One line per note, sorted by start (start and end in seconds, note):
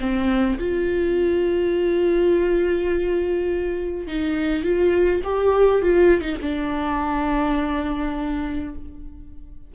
0.00 0.58 C4
0.59 4.07 F4
4.07 4.63 D#4
4.63 5.21 F4
5.24 5.82 G4
5.82 6.21 F4
6.21 6.36 D#4
6.42 8.75 D4